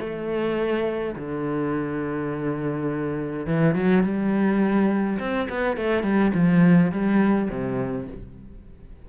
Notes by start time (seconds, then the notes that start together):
0.00 A3
1.16 D3
3.47 E3
3.75 F#3
4.04 G3
5.19 C4
5.50 B3
5.77 A3
6.04 G3
6.34 F3
6.92 G3
7.50 C3